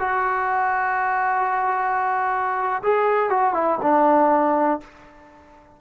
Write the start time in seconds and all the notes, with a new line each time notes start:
0.00 F#4
2.83 G#4
3.30 F#4
3.54 E4
3.82 D4